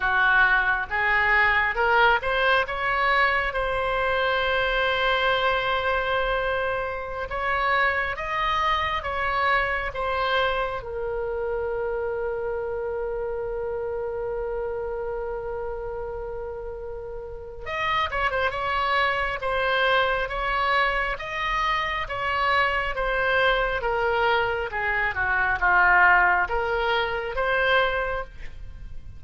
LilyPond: \new Staff \with { instrumentName = "oboe" } { \time 4/4 \tempo 4 = 68 fis'4 gis'4 ais'8 c''8 cis''4 | c''1~ | c''16 cis''4 dis''4 cis''4 c''8.~ | c''16 ais'2.~ ais'8.~ |
ais'1 | dis''8 cis''16 c''16 cis''4 c''4 cis''4 | dis''4 cis''4 c''4 ais'4 | gis'8 fis'8 f'4 ais'4 c''4 | }